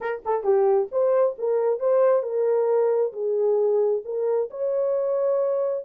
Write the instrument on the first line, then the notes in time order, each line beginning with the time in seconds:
horn
0.00 A#4
0.25 A4
0.43 G4
0.91 C5
1.38 A#4
1.79 C5
2.22 A#4
3.12 G#4
4.05 A#4
4.50 C#5